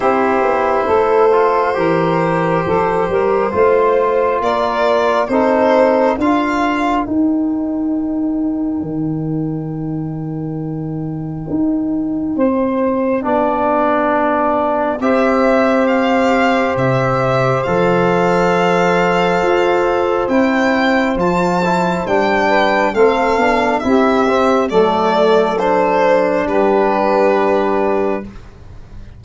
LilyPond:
<<
  \new Staff \with { instrumentName = "violin" } { \time 4/4 \tempo 4 = 68 c''1~ | c''4 d''4 c''4 f''4 | g''1~ | g''1~ |
g''4 e''4 f''4 e''4 | f''2. g''4 | a''4 g''4 f''4 e''4 | d''4 c''4 b'2 | }
  \new Staff \with { instrumentName = "saxophone" } { \time 4/4 g'4 a'4 ais'4 a'8 ais'8 | c''4 ais'4 a'4 ais'4~ | ais'1~ | ais'2 c''4 d''4~ |
d''4 c''2.~ | c''1~ | c''4. b'8 a'4 g'4 | a'2 g'2 | }
  \new Staff \with { instrumentName = "trombone" } { \time 4/4 e'4. f'8 g'2 | f'2 dis'4 f'4 | dis'1~ | dis'2. d'4~ |
d'4 g'2. | a'2. e'4 | f'8 e'8 d'4 c'8 d'8 e'8 c'8 | a4 d'2. | }
  \new Staff \with { instrumentName = "tuba" } { \time 4/4 c'8 b8 a4 e4 f8 g8 | a4 ais4 c'4 d'4 | dis'2 dis2~ | dis4 dis'4 c'4 b4~ |
b4 c'2 c4 | f2 f'4 c'4 | f4 g4 a8 b8 c'4 | fis2 g2 | }
>>